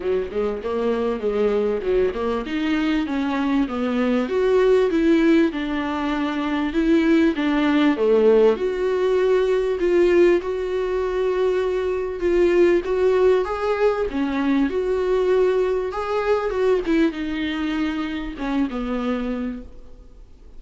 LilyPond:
\new Staff \with { instrumentName = "viola" } { \time 4/4 \tempo 4 = 98 fis8 gis8 ais4 gis4 fis8 ais8 | dis'4 cis'4 b4 fis'4 | e'4 d'2 e'4 | d'4 a4 fis'2 |
f'4 fis'2. | f'4 fis'4 gis'4 cis'4 | fis'2 gis'4 fis'8 e'8 | dis'2 cis'8 b4. | }